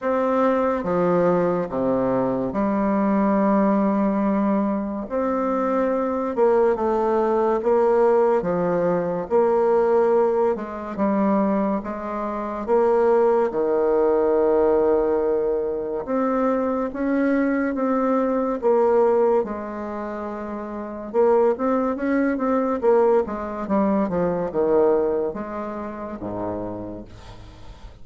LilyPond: \new Staff \with { instrumentName = "bassoon" } { \time 4/4 \tempo 4 = 71 c'4 f4 c4 g4~ | g2 c'4. ais8 | a4 ais4 f4 ais4~ | ais8 gis8 g4 gis4 ais4 |
dis2. c'4 | cis'4 c'4 ais4 gis4~ | gis4 ais8 c'8 cis'8 c'8 ais8 gis8 | g8 f8 dis4 gis4 gis,4 | }